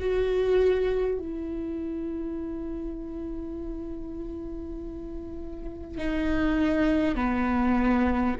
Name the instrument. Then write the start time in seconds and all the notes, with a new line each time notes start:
viola
0.00 F#4
1.18 E4
5.98 D#4
7.15 B3